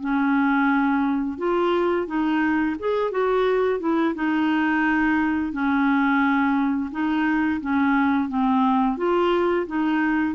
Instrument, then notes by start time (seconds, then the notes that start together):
clarinet
0.00 C#4
1.38 F4
2.07 D#4
2.79 G#4
3.11 F#4
3.79 E4
4.14 D#4
5.52 C#4
6.91 D#4
7.61 C#4
8.28 C4
8.97 F4
9.66 D#4